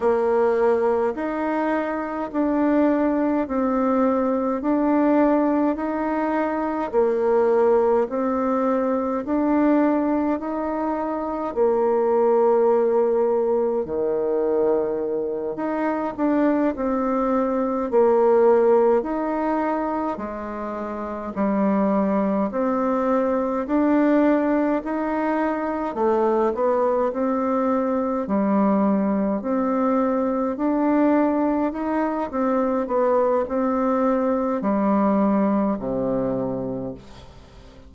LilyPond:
\new Staff \with { instrumentName = "bassoon" } { \time 4/4 \tempo 4 = 52 ais4 dis'4 d'4 c'4 | d'4 dis'4 ais4 c'4 | d'4 dis'4 ais2 | dis4. dis'8 d'8 c'4 ais8~ |
ais8 dis'4 gis4 g4 c'8~ | c'8 d'4 dis'4 a8 b8 c'8~ | c'8 g4 c'4 d'4 dis'8 | c'8 b8 c'4 g4 c4 | }